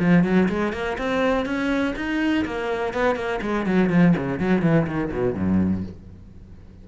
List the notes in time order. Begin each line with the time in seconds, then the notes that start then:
0.00 F3
0.25 F#3
0.49 G#3
0.73 A#3
0.99 C4
1.46 C#4
1.96 D#4
2.46 A#3
2.94 B3
3.16 A#3
3.42 G#3
3.67 F#3
3.90 F3
4.17 C#3
4.40 F#3
4.62 E3
4.87 D#3
5.13 B2
5.35 F#2